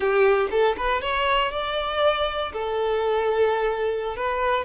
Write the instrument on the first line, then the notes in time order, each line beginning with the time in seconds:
violin
0.00 G4
0.50 A4
0.77 B4
1.01 C#5
1.51 D5
2.52 A4
4.16 B4